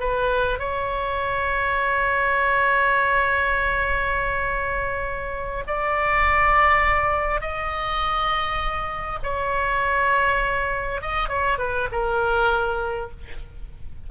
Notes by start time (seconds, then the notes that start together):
0.00 B4
0.59 C#5
5.67 D5
7.41 D#5
9.23 C#5
11.01 D#5
11.29 C#5
11.58 B4
11.92 A#4